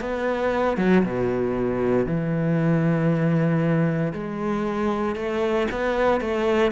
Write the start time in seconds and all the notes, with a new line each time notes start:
0.00 B3
0.77 F#3
1.03 B2
2.06 E3
4.13 G#3
5.15 A3
5.71 B3
6.21 A3